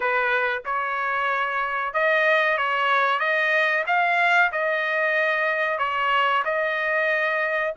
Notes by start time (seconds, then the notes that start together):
0.00 B4
0.65 C#5
1.93 D#5
2.57 C#5
3.19 D#5
3.87 F5
4.52 D#5
5.78 C#5
6.44 D#5